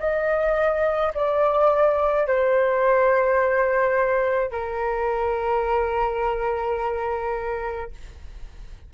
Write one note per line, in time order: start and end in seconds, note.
0.00 1.13 D#5
1.15 2.27 D5
2.27 4.51 C5
4.51 7.91 A#4